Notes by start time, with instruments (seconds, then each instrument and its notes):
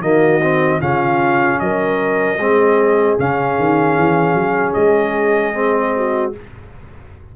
0.00 tuba D#3, trombone A#3, horn F#4, trumpet D#5
0.41 trombone C4
0.79 tuba C#3, trombone C#4, horn F4, trumpet F5
1.59 tuba F#3, horn A#4, trumpet D#5
2.37 tuba G#3, trombone C4, horn G#4
3.18 tuba C#3, trombone C#4, trumpet F5
3.58 tuba D#3
3.97 tuba E3
4.34 tuba F#3
4.73 tuba G#3, trumpet D#5
5.54 trombone C4
5.96 horn F#4